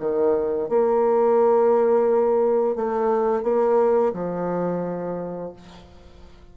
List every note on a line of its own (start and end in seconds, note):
0.00 0.69 D#3
0.69 2.76 A#3
2.76 3.43 A3
3.43 4.13 A#3
4.14 5.53 F3